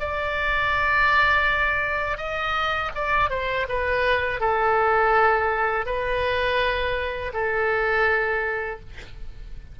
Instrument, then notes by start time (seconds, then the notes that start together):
oboe
0.00 D5
2.18 D#5
2.95 D5
3.30 C5
3.69 B4
4.40 A4
5.86 B4
7.34 A4